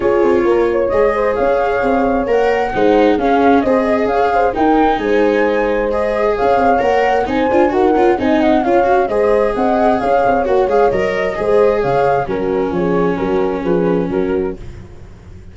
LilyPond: <<
  \new Staff \with { instrumentName = "flute" } { \time 4/4 \tempo 4 = 132 cis''2 dis''4 f''4~ | f''4 fis''2 f''4 | dis''4 f''4 g''4 gis''4~ | gis''4 dis''4 f''4 fis''4 |
gis''4 fis''4 gis''8 fis''8 f''4 | dis''4 fis''4 f''4 fis''8 f''8 | dis''2 f''4 ais'4 | cis''4 ais'4 b'4 ais'4 | }
  \new Staff \with { instrumentName = "horn" } { \time 4/4 gis'4 ais'8 cis''4 c''8 cis''4~ | cis''2 c''4 gis'4 | c''8 dis''8 cis''8 c''8 ais'4 c''4~ | c''2 cis''2 |
c''4 ais'4 dis''4 cis''4 | c''4 dis''4 cis''2~ | cis''4 c''4 cis''4 fis'4 | gis'4 fis'4 gis'4 fis'4 | }
  \new Staff \with { instrumentName = "viola" } { \time 4/4 f'2 gis'2~ | gis'4 ais'4 dis'4 cis'4 | gis'2 dis'2~ | dis'4 gis'2 ais'4 |
dis'8 f'8 fis'8 f'8 dis'4 f'8 fis'8 | gis'2. fis'8 gis'8 | ais'4 gis'2 cis'4~ | cis'1 | }
  \new Staff \with { instrumentName = "tuba" } { \time 4/4 cis'8 c'8 ais4 gis4 cis'4 | c'4 ais4 gis4 cis'4 | c'4 cis'4 dis'4 gis4~ | gis2 cis'8 c'8 ais4 |
c'8 d'8 dis'8 cis'8 c'4 cis'4 | gis4 c'4 cis'8 c'8 ais8 gis8 | fis4 gis4 cis4 fis4 | f4 fis4 f4 fis4 | }
>>